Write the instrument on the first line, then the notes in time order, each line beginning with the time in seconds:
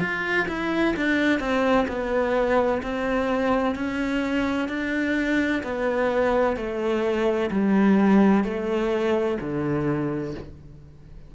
cello
0.00 F4
0.48 E4
0.96 D4
1.39 C4
1.88 B3
2.83 C4
3.75 C#4
4.69 D4
5.63 B3
6.56 A3
7.51 G3
8.44 A3
9.41 D3